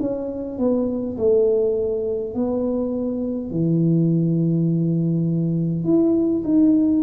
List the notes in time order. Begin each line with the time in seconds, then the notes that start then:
0.00 C#4
0.58 B3
1.18 A3
2.34 B3
3.51 E3
5.84 E4
6.44 D#4